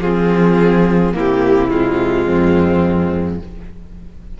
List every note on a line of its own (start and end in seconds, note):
0.00 1.13 F3
0.00 1.13 C4
0.00 1.14 F4
0.00 1.14 G#4
1.13 2.27 C3
1.13 1.70 A#3
1.13 2.25 E4
1.13 1.70 G4
1.70 3.40 G#3
1.70 3.40 F4
2.25 3.40 F2
2.25 3.38 C4